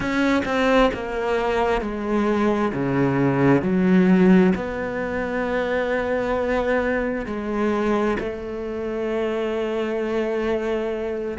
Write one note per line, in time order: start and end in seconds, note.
0.00 0.43 C#4
0.45 0.90 C4
0.93 1.81 A#3
1.81 2.72 G#3
2.73 3.62 C#3
3.62 4.52 F#3
4.55 7.26 B3
7.26 8.17 G#3
8.19 11.38 A3